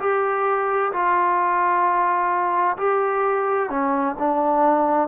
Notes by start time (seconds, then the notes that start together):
0.00 G4
0.93 F4
2.78 G4
3.70 C#4
4.19 D4